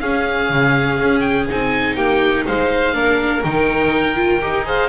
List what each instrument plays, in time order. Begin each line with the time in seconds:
0.00 double bass C#4, viola C#4, violin G#4, oboe F5
0.50 double bass C#3
1.00 double bass C#4
1.20 oboe G5
1.50 double bass C4, viola D#4, oboe G#5
1.96 double bass A#3, violin G4, oboe G5
2.47 double bass G#3, violin C5, oboe F5
2.94 double bass A#3, viola D4, violin A#4
3.44 double bass D#3, viola D#4, oboe G5
4.16 viola F4
4.42 double bass D#4, viola G4
4.65 viola G#4, violin C5, oboe F5